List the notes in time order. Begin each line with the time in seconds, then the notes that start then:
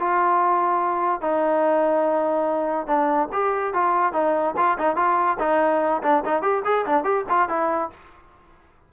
0.00 F4
1.22 D#4
2.87 D4
3.33 G4
3.74 F4
4.13 D#4
4.57 F4
4.79 D#4
4.96 F4
5.40 D#4
6.03 D4
6.26 D#4
6.42 G4
6.65 G#4
6.87 D4
7.05 G4
7.30 F4
7.49 E4